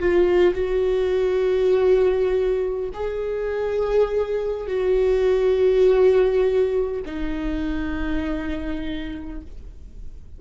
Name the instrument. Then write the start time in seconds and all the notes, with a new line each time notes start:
viola
0.00 F4
0.55 F#4
2.94 G#4
4.67 F#4
7.06 D#4